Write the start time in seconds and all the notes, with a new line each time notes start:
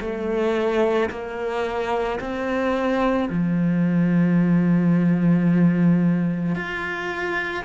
0.00 A3
1.10 A#3
2.19 C4
3.29 F3
6.55 F4